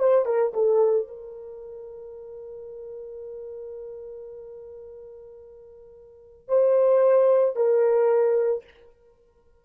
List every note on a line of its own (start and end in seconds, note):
0.00 0.26 C5
0.26 0.53 A#4
0.54 1.08 A4
1.08 6.49 A#4
6.49 7.57 C5
7.57 8.65 A#4